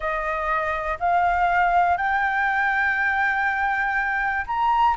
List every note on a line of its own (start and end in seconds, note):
0.00 0.98 D#5
0.99 1.97 F5
1.97 4.45 G5
4.46 4.96 A#5